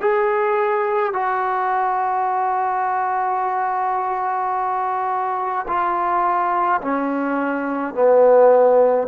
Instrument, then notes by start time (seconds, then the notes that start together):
trombone
0.00 G#4
1.13 F#4
5.67 F4
6.81 C#4
7.94 B3